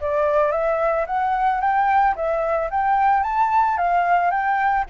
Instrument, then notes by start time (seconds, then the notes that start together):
flute
0.00 D5
0.51 E5
1.06 F#5
1.60 G5
2.15 E5
2.70 G5
3.23 A5
3.77 F5
4.30 G5